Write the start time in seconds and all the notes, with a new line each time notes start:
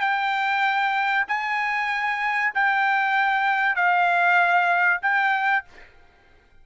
0.00 G5
1.28 G#5
2.54 G5
3.75 F5
5.02 G5